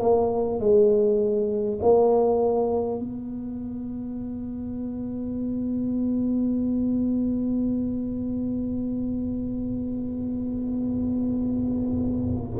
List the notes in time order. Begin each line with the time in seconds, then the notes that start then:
0.00 A#3
0.59 G#3
1.82 A#3
3.00 B3